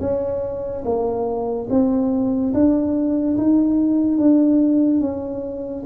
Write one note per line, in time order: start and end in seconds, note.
0.00 0.83 C#4
0.84 1.68 A#3
1.69 2.53 C4
2.53 3.37 D4
3.37 4.18 D#4
4.18 5.00 D4
5.00 5.84 C#4